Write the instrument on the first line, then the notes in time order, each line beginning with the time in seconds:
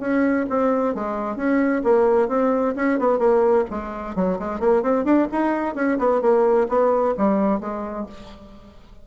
bassoon
0.00 C#4
0.50 C4
0.95 G#3
1.36 C#4
1.84 A#3
2.29 C4
2.76 C#4
2.99 B3
3.19 A#3
3.70 G#3
4.16 F#3
4.39 G#3
4.60 A#3
4.83 C4
5.05 D4
5.32 D#4
5.75 C#4
5.99 B3
6.22 A#3
6.69 B3
7.18 G3
7.60 G#3